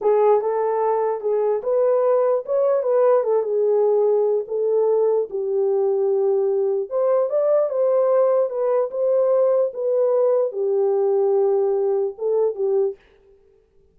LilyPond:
\new Staff \with { instrumentName = "horn" } { \time 4/4 \tempo 4 = 148 gis'4 a'2 gis'4 | b'2 cis''4 b'4 | a'8 gis'2~ gis'8 a'4~ | a'4 g'2.~ |
g'4 c''4 d''4 c''4~ | c''4 b'4 c''2 | b'2 g'2~ | g'2 a'4 g'4 | }